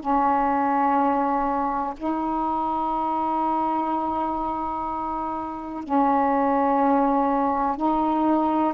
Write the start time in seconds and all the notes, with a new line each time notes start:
0.00 C#4
1.97 D#4
5.84 C#4
7.77 D#4